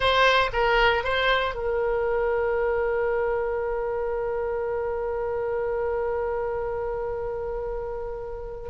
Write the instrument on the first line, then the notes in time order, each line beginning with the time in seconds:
oboe
0.00 C5
0.52 A#4
1.03 C5
1.54 A#4